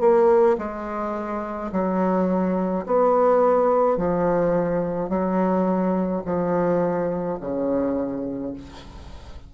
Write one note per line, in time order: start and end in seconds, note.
0.00 0.57 A#3
0.58 1.71 G#3
1.72 2.85 F#3
2.86 3.97 B3
3.97 5.09 F3
5.09 6.22 F#3
6.25 7.38 F3
7.40 8.54 C#3